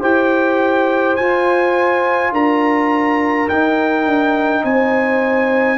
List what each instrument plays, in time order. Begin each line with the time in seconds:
0.00 tuba E4, trombone G4, horn C5, trumpet G5
1.16 trombone F4, tuba F4, trumpet G#5
2.31 tuba D4, horn A#4, trumpet A#5
3.48 tuba D#4, trombone D#4, trumpet G5
4.05 tuba D4
4.64 tuba C4, horn C5, trumpet G#5